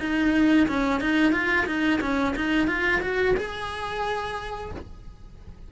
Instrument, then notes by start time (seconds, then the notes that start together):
cello
0.00 D#4
0.68 C#4
1.01 D#4
1.32 F4
1.66 D#4
2.01 C#4
2.36 D#4
2.68 F4
3.02 F#4
3.36 G#4